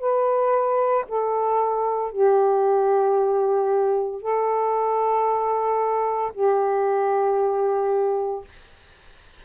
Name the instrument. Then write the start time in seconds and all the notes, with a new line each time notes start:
saxophone
0.00 B4
1.08 A4
2.12 G4
4.22 A4
6.34 G4